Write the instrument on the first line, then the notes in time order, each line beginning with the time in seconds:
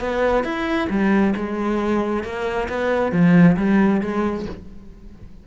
cello
0.00 B3
0.44 E4
0.90 G3
1.36 G#3
2.24 A#3
2.69 B3
3.12 F3
3.57 G3
4.01 G#3